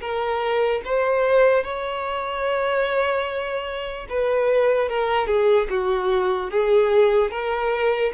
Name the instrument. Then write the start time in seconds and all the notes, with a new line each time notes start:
violin
0.00 A#4
0.84 C5
1.63 C#5
4.09 B4
4.89 A#4
5.26 G#4
5.69 F#4
6.50 G#4
7.30 A#4